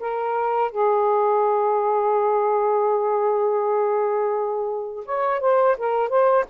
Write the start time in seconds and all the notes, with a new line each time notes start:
0.00 A#4
0.71 G#4
5.06 C#5
5.41 C5
5.78 A#4
6.09 C5